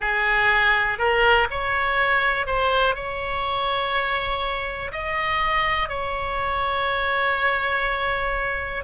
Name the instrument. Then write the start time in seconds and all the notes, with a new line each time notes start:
oboe
0.00 G#4
0.98 A#4
1.50 C#5
2.46 C5
2.95 C#5
4.92 D#5
5.88 C#5